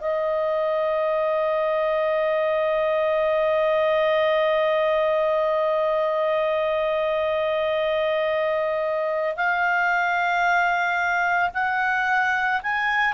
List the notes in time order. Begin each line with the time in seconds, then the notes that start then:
0.00 D#5
9.37 F5
11.54 F#5
12.63 G#5